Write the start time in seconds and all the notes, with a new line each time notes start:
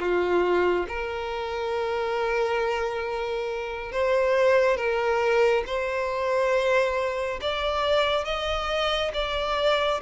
0.00 F4
0.89 A#4
3.92 C5
4.77 A#4
5.67 C5
7.42 D5
8.25 D#5
9.14 D5